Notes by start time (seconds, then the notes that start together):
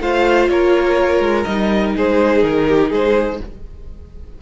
0.00 A3 F4 C5 F5
0.49 A#3 A#4 C#5
1.20 G#3
1.44 G3 D#4 D#5
1.96 G#3 G#4 C5
2.43 D#3 A#4
2.68 G4
2.89 G#3 G#4 C5